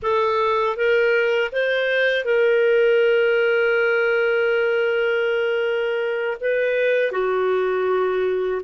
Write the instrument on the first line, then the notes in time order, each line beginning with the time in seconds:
clarinet
0.02 A4
0.76 A#4
1.51 C5
2.24 A#4
6.40 B4
7.11 F#4